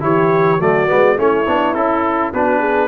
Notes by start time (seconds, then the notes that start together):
0.00 E3 E4 G4 C#5
0.59 F#3 A3 F#4 D5
0.87 G#3 B3
1.16 A3 C#4 E4 C#5
1.47 B3 D4
1.74 C#4 E4 A4
2.33 B3 D4 F#4 B4
2.59 G#4